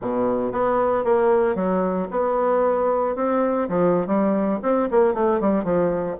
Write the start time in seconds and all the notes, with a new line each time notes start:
0.01 B2
0.51 B3
1.04 A#3
1.55 F#3
2.10 B3
3.15 C4
3.68 F3
4.07 G3
4.62 C4
4.90 A#3
5.13 A3
5.40 G3
5.63 F3